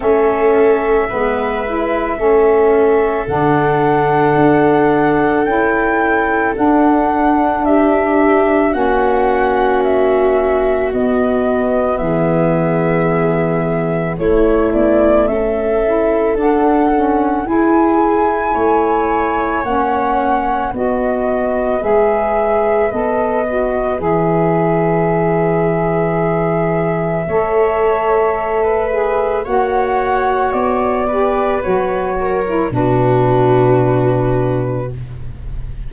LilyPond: <<
  \new Staff \with { instrumentName = "flute" } { \time 4/4 \tempo 4 = 55 e''2. fis''4~ | fis''4 g''4 fis''4 e''4 | fis''4 e''4 dis''4 e''4~ | e''4 cis''8 d''8 e''4 fis''4 |
gis''2 fis''4 dis''4 | e''4 dis''4 e''2~ | e''2. fis''4 | d''4 cis''4 b'2 | }
  \new Staff \with { instrumentName = "viola" } { \time 4/4 a'4 b'4 a'2~ | a'2. g'4 | fis'2. gis'4~ | gis'4 e'4 a'2 |
gis'4 cis''2 b'4~ | b'1~ | b'4 cis''4~ cis''16 b'8. cis''4~ | cis''8 b'4 ais'8 fis'2 | }
  \new Staff \with { instrumentName = "saxophone" } { \time 4/4 cis'4 b8 e'8 cis'4 d'4~ | d'4 e'4 d'2 | cis'2 b2~ | b4 a4. e'8 d'8 cis'8 |
e'2 cis'4 fis'4 | gis'4 a'8 fis'8 gis'2~ | gis'4 a'4. gis'8 fis'4~ | fis'8 g'8 fis'8. e'16 d'2 | }
  \new Staff \with { instrumentName = "tuba" } { \time 4/4 a4 gis4 a4 d4 | d'4 cis'4 d'2 | ais2 b4 e4~ | e4 a8 b8 cis'4 d'4 |
e'4 a4 ais4 b4 | gis4 b4 e2~ | e4 a2 ais4 | b4 fis4 b,2 | }
>>